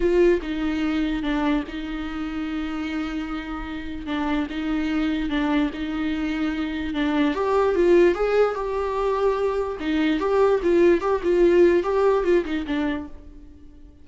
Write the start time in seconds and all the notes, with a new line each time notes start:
0.00 F4
0.42 D#4
1.22 D4
1.68 D#4
4.06 D4
4.49 D#4
5.29 D4
5.73 D#4
6.94 D4
7.34 G4
7.75 F4
8.14 G#4
8.55 G4
9.80 D#4
10.19 G4
10.63 F4
11.01 G4
11.23 F4
11.83 G4
12.24 F4
12.45 D#4
12.66 D4